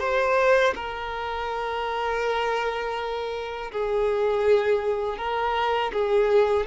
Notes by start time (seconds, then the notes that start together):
0.00 C5
0.75 A#4
3.72 G#4
5.18 A#4
5.93 G#4